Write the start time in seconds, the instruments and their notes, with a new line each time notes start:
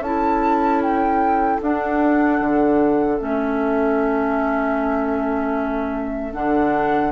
0.00 bassoon C#4, clarinet E4, oboe A4, flute A5
0.82 flute G5
1.62 clarinet D4, bassoon D4, flute F#5
2.41 bassoon D3
3.18 bassoon A3, clarinet C#4, flute E5
6.33 bassoon D3, clarinet D4, flute F#5